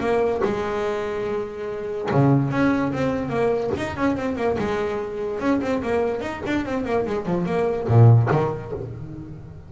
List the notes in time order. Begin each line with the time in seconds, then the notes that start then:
0.00 A#3
0.44 G#3
2.11 C#3
2.51 C#4
2.93 C4
3.29 A#3
3.77 D#4
3.97 C#4
4.16 C4
4.36 A#3
4.58 G#3
5.40 C#4
5.62 C4
5.83 A#3
6.21 D#4
6.46 D4
6.66 C4
6.85 A#3
7.06 G#3
7.26 F3
7.46 A#3
7.88 A#2
8.31 D#3